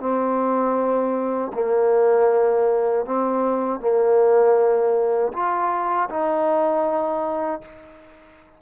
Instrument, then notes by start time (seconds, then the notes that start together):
trombone
0.00 C4
1.54 A#3
3.06 C4
3.80 A#3
5.33 F4
6.10 D#4